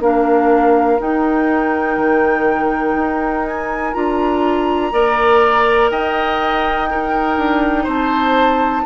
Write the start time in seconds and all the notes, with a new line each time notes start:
0.00 A#3 D4 A#4 F5
0.99 D#4 G5
1.98 D#3
2.95 D#4
3.47 G#5
3.94 D4 F4 A#5
4.92 A#3 A#4 D5
5.90 D#4 D#5 G5
6.90 D#4 A#4
7.37 D4
7.84 C4 C5 A5